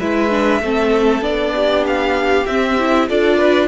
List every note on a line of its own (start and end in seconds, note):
0.00 0.61 G#3
0.00 0.31 E4
0.00 0.62 B4
0.00 1.24 E5
0.31 0.62 D4
0.61 1.22 A3
0.61 1.22 C4
0.61 1.55 A4
1.22 2.45 B3
1.22 2.46 D4
1.22 1.86 D5
1.55 3.09 G4
1.87 2.47 F5
2.47 3.10 C4
2.47 2.80 C4
2.47 3.09 E5
2.80 3.09 E4
3.09 3.69 D4
3.09 3.69 F4
3.09 3.39 A4
3.09 3.69 D5
3.39 3.69 B4